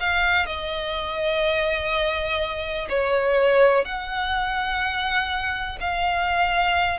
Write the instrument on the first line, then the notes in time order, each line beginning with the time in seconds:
violin
0.00 F5
0.46 D#5
2.89 C#5
3.85 F#5
5.80 F5